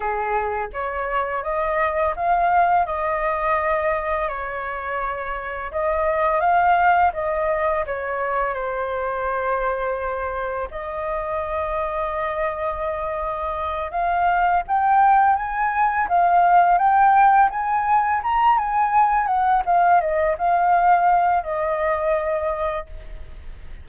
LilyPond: \new Staff \with { instrumentName = "flute" } { \time 4/4 \tempo 4 = 84 gis'4 cis''4 dis''4 f''4 | dis''2 cis''2 | dis''4 f''4 dis''4 cis''4 | c''2. dis''4~ |
dis''2.~ dis''8 f''8~ | f''8 g''4 gis''4 f''4 g''8~ | g''8 gis''4 ais''8 gis''4 fis''8 f''8 | dis''8 f''4. dis''2 | }